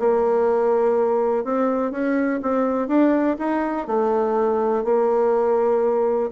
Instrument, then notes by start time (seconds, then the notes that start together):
bassoon
0.00 A#3
1.44 C4
1.92 C#4
2.43 C4
2.88 D4
3.39 D#4
3.88 A3
4.84 A#3